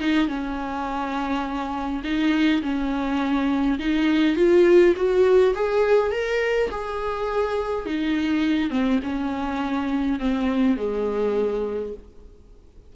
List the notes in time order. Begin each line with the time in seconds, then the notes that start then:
0.00 D#4
0.28 C#4
2.04 D#4
2.62 C#4
3.79 D#4
4.36 F4
4.96 F#4
5.55 G#4
6.12 A#4
6.71 G#4
7.86 D#4
8.70 C4
9.03 C#4
10.20 C4
10.77 G#3